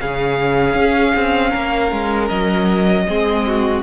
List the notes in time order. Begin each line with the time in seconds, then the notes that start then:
0.00 C#3 C#4 G#4 F5
0.74 C#4
1.15 C4
1.50 A#3 A#4
1.91 G#3
2.28 F#3 D#5
3.07 G#3 C4 G#4
3.46 F#4